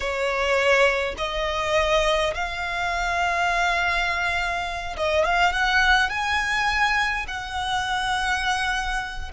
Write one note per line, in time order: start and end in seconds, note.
0.00 1.15 C#5
1.17 2.34 D#5
2.34 4.96 F5
4.96 5.25 D#5
5.25 5.52 F5
5.52 6.09 F#5
6.09 7.26 G#5
7.27 9.31 F#5